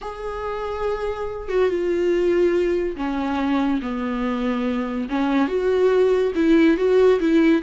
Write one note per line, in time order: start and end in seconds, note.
0.01 1.48 G#4
1.48 1.69 F#4
1.69 2.95 F4
2.96 3.80 C#4
3.82 5.09 B3
5.09 5.48 C#4
5.48 6.32 F#4
6.35 6.77 E4
6.77 7.19 F#4
7.19 7.62 E4